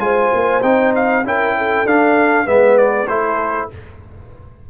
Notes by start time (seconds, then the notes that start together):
0.00 G#3 F4 C5 G#5
0.34 A#3
0.63 C4 D#4 G5
0.96 F5
1.24 C#4 E4 A#4 G5
1.58 A4
1.86 D4 F5
2.46 G#3 B3 B4 E5
2.78 D5
3.08 A3 E4 A4 C5